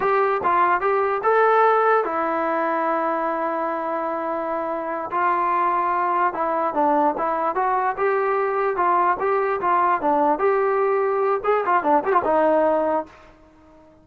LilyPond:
\new Staff \with { instrumentName = "trombone" } { \time 4/4 \tempo 4 = 147 g'4 f'4 g'4 a'4~ | a'4 e'2.~ | e'1~ | e'8 f'2. e'8~ |
e'8 d'4 e'4 fis'4 g'8~ | g'4. f'4 g'4 f'8~ | f'8 d'4 g'2~ g'8 | gis'8 f'8 d'8 g'16 f'16 dis'2 | }